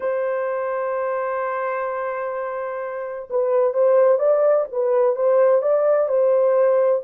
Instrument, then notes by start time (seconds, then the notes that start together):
horn
0.00 C5
3.30 B4
3.73 C5
4.18 D5
4.71 B4
5.15 C5
5.62 D5
6.08 C5